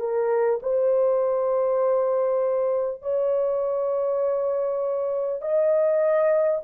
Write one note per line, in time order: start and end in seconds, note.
0.00 0.60 A#4
0.63 3.03 C5
3.03 5.42 C#5
5.42 6.62 D#5